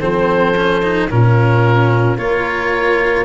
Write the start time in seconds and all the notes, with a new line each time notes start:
0.00 F3 C4 A4 C5
0.57 C#4
0.83 D#4
1.11 A#2 C#4 F4 A#4
2.17 A#3 F4 A#4 C#5